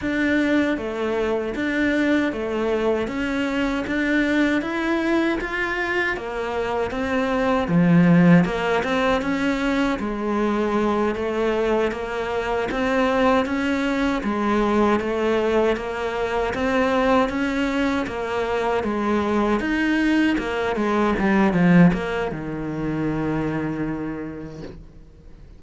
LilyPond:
\new Staff \with { instrumentName = "cello" } { \time 4/4 \tempo 4 = 78 d'4 a4 d'4 a4 | cis'4 d'4 e'4 f'4 | ais4 c'4 f4 ais8 c'8 | cis'4 gis4. a4 ais8~ |
ais8 c'4 cis'4 gis4 a8~ | a8 ais4 c'4 cis'4 ais8~ | ais8 gis4 dis'4 ais8 gis8 g8 | f8 ais8 dis2. | }